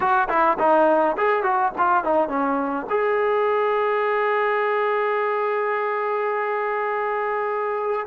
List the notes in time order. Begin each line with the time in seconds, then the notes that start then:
0.00 F#4
0.29 E4
0.58 D#4
1.17 G#4
1.43 F#4
1.78 F4
2.03 D#4
2.28 C#4
2.89 G#4